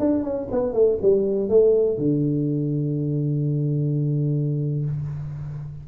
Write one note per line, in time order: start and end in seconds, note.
0.00 0.23 D4
0.23 0.48 C#4
0.52 0.74 B3
0.74 0.99 A3
1.02 1.50 G3
1.50 1.98 A3
1.98 4.86 D3